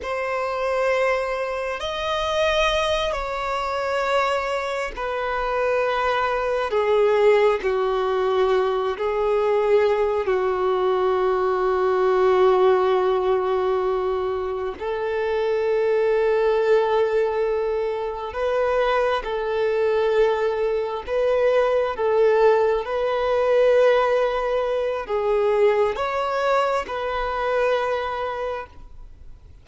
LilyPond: \new Staff \with { instrumentName = "violin" } { \time 4/4 \tempo 4 = 67 c''2 dis''4. cis''8~ | cis''4. b'2 gis'8~ | gis'8 fis'4. gis'4. fis'8~ | fis'1~ |
fis'8 a'2.~ a'8~ | a'8 b'4 a'2 b'8~ | b'8 a'4 b'2~ b'8 | gis'4 cis''4 b'2 | }